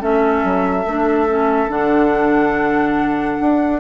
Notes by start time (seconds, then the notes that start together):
0.00 A3 C#4 A4 E5
0.44 F#3
0.86 A3 D4
1.28 C#4
1.69 D3 D4 F#5
3.41 D4